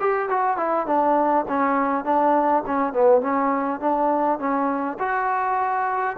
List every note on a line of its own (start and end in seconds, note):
0.00 0.29 G4
0.29 0.57 F#4
0.57 0.86 E4
0.86 1.45 D4
1.48 2.04 C#4
2.04 2.63 D4
2.66 2.93 C#4
2.93 3.21 B3
3.21 3.80 C#4
3.80 4.39 D4
4.39 4.98 C#4
4.99 6.16 F#4